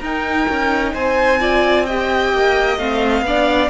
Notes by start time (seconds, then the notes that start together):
0.00 D#4 A#4 G5
0.48 C#4
0.93 C4 C5 G#5
1.40 F4 D5
1.85 G4 D#5 G5
2.33 A#3
2.77 A3 C4 F5
3.21 B3 D4 D5